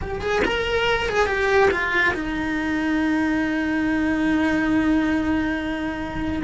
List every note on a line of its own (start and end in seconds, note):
0.01 0.21 G4
0.21 0.42 G#4
0.45 1.08 A#4
1.08 1.26 G#4
1.26 1.69 G4
1.70 2.13 F4
2.14 6.42 D#4